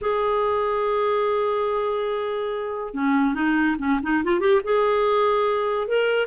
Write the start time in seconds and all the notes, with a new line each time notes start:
0.01 G#4
2.94 C#4
3.34 D#4
3.79 C#4
4.02 D#4
4.24 F4
4.40 G4
4.64 G#4
5.87 A#4